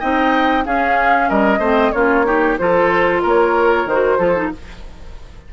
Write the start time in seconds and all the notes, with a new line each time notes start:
0.00 C4 D#4 D#5 G5
0.65 C#4 G#4 F5
1.29 G3 A#4 D#5
1.59 A3 C4 C5
1.92 A#3 C#4 F4 C#5
2.25 D#4 G4
2.58 F3 F4 A4 C5
3.23 A#3 A#4 C#5
3.86 D#3 C5
3.92 F#4
4.18 F3 F4 A4
4.36 D#4